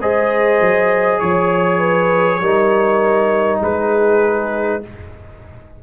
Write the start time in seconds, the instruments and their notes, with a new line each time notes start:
0.00 tuba G#3, trombone G#4, horn C5, trumpet D#5
0.61 tuba F#3
1.19 tuba F3, trumpet C#5, horn C#5
1.78 horn B4
2.41 tuba G3, trombone D#4, horn A#4
3.61 tuba G#3, horn G#4, trumpet B4